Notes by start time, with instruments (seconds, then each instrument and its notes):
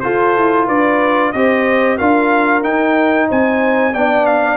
0.00 trombone F4, tuba F4, horn A4, trumpet C5
0.36 tuba E4
0.66 tuba D4, horn B4, trumpet D5
1.32 tuba C4, trombone G4, horn C5, trumpet D#5
1.97 tuba D4, trombone F4, horn A#4, trumpet F5
2.63 trombone D#4, tuba D#4, trumpet G5
3.28 tuba C4, horn C5, trumpet G#5
3.93 tuba B3, trombone D4, horn D5, trumpet G5
4.26 trumpet F5